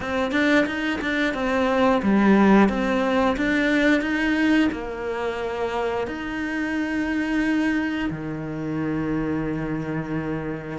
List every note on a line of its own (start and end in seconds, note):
0.00 0.31 C4
0.31 0.65 D4
0.66 0.99 D#4
1.01 1.34 D4
1.34 2.01 C4
2.02 2.68 G3
2.68 3.36 C4
3.36 4.01 D4
4.01 4.68 D#4
4.72 6.07 A#3
6.07 8.09 D#4
8.10 10.78 D#3